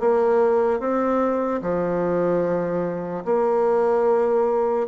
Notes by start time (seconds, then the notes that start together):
0.00 A#3
0.80 C4
1.62 F3
3.25 A#3